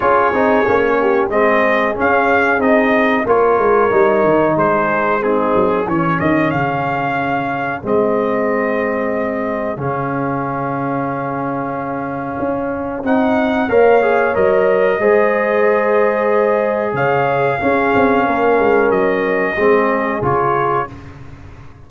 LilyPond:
<<
  \new Staff \with { instrumentName = "trumpet" } { \time 4/4 \tempo 4 = 92 cis''2 dis''4 f''4 | dis''4 cis''2 c''4 | gis'4 cis''8 dis''8 f''2 | dis''2. f''4~ |
f''1 | fis''4 f''4 dis''2~ | dis''2 f''2~ | f''4 dis''2 cis''4 | }
  \new Staff \with { instrumentName = "horn" } { \time 4/4 gis'4. g'8 gis'2~ | gis'4 ais'2 gis'4 | dis'4 gis'2.~ | gis'1~ |
gis'1~ | gis'4 cis''2 c''4~ | c''2 cis''4 gis'4 | ais'2 gis'2 | }
  \new Staff \with { instrumentName = "trombone" } { \time 4/4 f'8 dis'8 cis'4 c'4 cis'4 | dis'4 f'4 dis'2 | c'4 cis'2. | c'2. cis'4~ |
cis'1 | dis'4 ais'8 gis'8 ais'4 gis'4~ | gis'2. cis'4~ | cis'2 c'4 f'4 | }
  \new Staff \with { instrumentName = "tuba" } { \time 4/4 cis'8 c'8 ais4 gis4 cis'4 | c'4 ais8 gis8 g8 dis8 gis4~ | gis8 fis8 e8 dis8 cis2 | gis2. cis4~ |
cis2. cis'4 | c'4 ais4 fis4 gis4~ | gis2 cis4 cis'8 c'8 | ais8 gis8 fis4 gis4 cis4 | }
>>